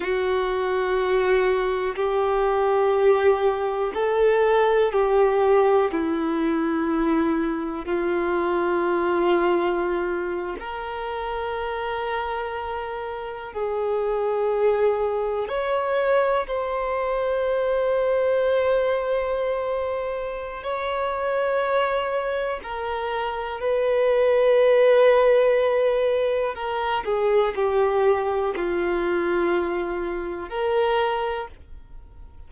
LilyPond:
\new Staff \with { instrumentName = "violin" } { \time 4/4 \tempo 4 = 61 fis'2 g'2 | a'4 g'4 e'2 | f'2~ f'8. ais'4~ ais'16~ | ais'4.~ ais'16 gis'2 cis''16~ |
cis''8. c''2.~ c''16~ | c''4 cis''2 ais'4 | b'2. ais'8 gis'8 | g'4 f'2 ais'4 | }